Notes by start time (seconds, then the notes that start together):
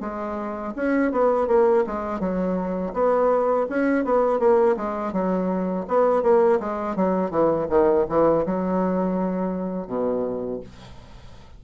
0.00 G#3
0.75 C#4
1.12 B3
1.47 A#3
1.86 G#3
2.20 F#3
2.93 B3
3.69 C#4
4.04 B3
4.39 A#3
4.76 G#3
5.13 F#3
5.88 B3
6.22 A#3
6.60 G#3
6.96 F#3
7.30 E3
7.69 D#3
8.09 E3
8.45 F#3
9.87 B2